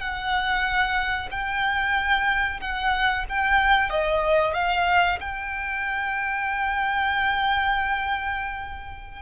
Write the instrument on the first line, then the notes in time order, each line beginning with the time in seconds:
violin
0.00 F#5
1.31 G5
2.60 F#5
3.29 G5
3.90 D#5
4.54 F5
5.20 G5